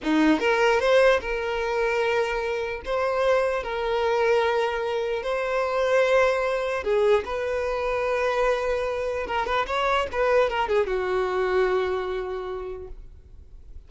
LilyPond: \new Staff \with { instrumentName = "violin" } { \time 4/4 \tempo 4 = 149 dis'4 ais'4 c''4 ais'4~ | ais'2. c''4~ | c''4 ais'2.~ | ais'4 c''2.~ |
c''4 gis'4 b'2~ | b'2. ais'8 b'8 | cis''4 b'4 ais'8 gis'8 fis'4~ | fis'1 | }